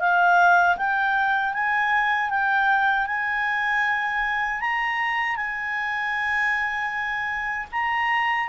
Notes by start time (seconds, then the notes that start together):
0.00 F5
0.77 G5
1.53 G#5
2.30 G5
3.07 G#5
4.60 A#5
5.36 G#5
7.72 A#5